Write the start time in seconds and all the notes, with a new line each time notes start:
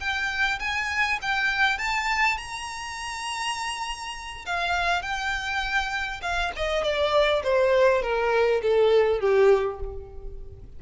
0.00 G5
0.60 G#5
1.22 G5
1.78 A5
2.38 A#5
4.46 F5
5.03 G5
6.22 F5
6.56 D#5
6.84 D5
7.44 C5
8.03 A#4
8.62 A4
9.21 G4